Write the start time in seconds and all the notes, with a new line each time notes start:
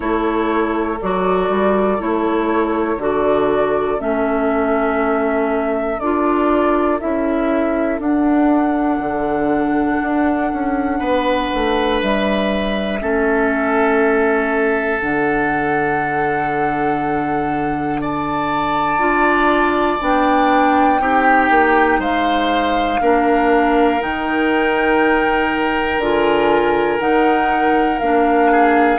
0.00 A3 E4 A4 C#5
1.01 F#3 F#4 D5
1.49 G3
1.98 A3 E4 C#5
2.97 D3 F#4 D5
3.98 A3 C#4 E5
5.99 D4 F4 D5
6.99 C#4 E4 E5
7.99 D4 F#5
8.99 D3
10.01 D4
10.52 C#4
10.99 B3 B4
11.54 A3
12.01 G3 E5
13.00 A3 C#4 A4
15.00 D3 D4 F#5
18.01 D5 A5
18.98 D4 F4
20.00 B3 D4 G5
20.99 C4 D#4 G4
21.50 A#3
21.98 G#3 C5 F5
23.01 A#3 D4 A#4
24.00 D#3 D#4 G5
25.98 D3 F4 G#5
26.99 D#3 D#4 F#5
27.99 A#3 D4 F5
28.51 G#4